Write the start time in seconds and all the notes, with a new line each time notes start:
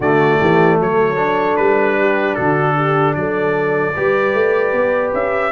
0.00 D3 A3 F#4 D5
0.38 E3 G4
0.79 F#3 A4 C#5
1.15 D4
1.56 G3 B4
1.99 G4
2.35 D3 F#4 A4
2.75 G4
3.14 F#3 A4 D5
3.95 G3 G4 B4
4.33 A3
4.72 B3
5.13 C#4 E5